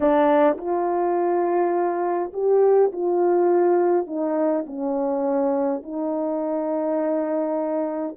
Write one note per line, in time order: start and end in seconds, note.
0.00 0.57 D4
0.57 2.32 F4
2.33 2.91 G4
2.92 4.06 F4
4.06 4.65 D#4
4.66 5.82 C#4
5.82 8.15 D#4